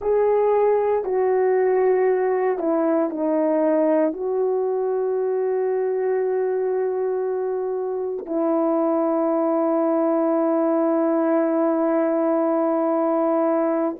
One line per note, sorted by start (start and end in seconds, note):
0.00 1.04 G#4
1.04 2.58 F#4
2.58 3.10 E4
3.10 4.12 D#4
4.12 8.26 F#4
8.26 13.95 E4